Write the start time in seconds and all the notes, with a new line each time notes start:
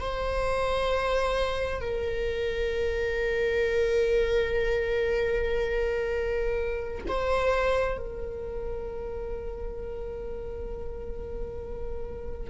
0.00 C5
1.81 A#4
7.08 C5
7.98 A#4